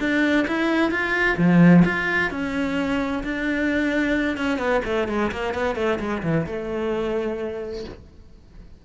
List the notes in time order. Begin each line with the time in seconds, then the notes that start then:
0.00 D4
0.47 E4
0.91 F4
1.37 F3
1.85 F4
2.31 C#4
3.23 D4
4.37 C#4
4.58 B3
4.85 A3
5.08 G#3
5.31 A#3
5.54 B3
5.75 A3
5.99 G#3
6.23 E3
6.46 A3